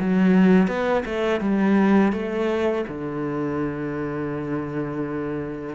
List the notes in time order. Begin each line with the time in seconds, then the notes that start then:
0.00 F#3
0.67 B3
1.05 A3
1.40 G3
2.13 A3
2.88 D3